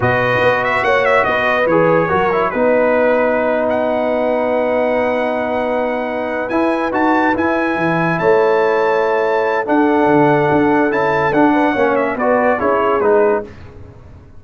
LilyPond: <<
  \new Staff \with { instrumentName = "trumpet" } { \time 4/4 \tempo 4 = 143 dis''4. e''8 fis''8 e''8 dis''4 | cis''2 b'2~ | b'8. fis''2.~ fis''16~ | fis''2.~ fis''8 gis''8~ |
gis''8 a''4 gis''2 a''8~ | a''2. fis''4~ | fis''2 a''4 fis''4~ | fis''8 e''8 d''4 cis''4 b'4 | }
  \new Staff \with { instrumentName = "horn" } { \time 4/4 b'2 cis''4 b'4~ | b'4 ais'4 b'2~ | b'1~ | b'1~ |
b'2.~ b'8 cis''8~ | cis''2. a'4~ | a'2.~ a'8 b'8 | cis''4 b'4 gis'2 | }
  \new Staff \with { instrumentName = "trombone" } { \time 4/4 fis'1 | gis'4 fis'8 e'8 dis'2~ | dis'1~ | dis'2.~ dis'8 e'8~ |
e'8 fis'4 e'2~ e'8~ | e'2. d'4~ | d'2 e'4 d'4 | cis'4 fis'4 e'4 dis'4 | }
  \new Staff \with { instrumentName = "tuba" } { \time 4/4 b,4 b4 ais4 b4 | e4 fis4 b2~ | b1~ | b2.~ b8 e'8~ |
e'8 dis'4 e'4 e4 a8~ | a2. d'4 | d4 d'4 cis'4 d'4 | ais4 b4 cis'4 gis4 | }
>>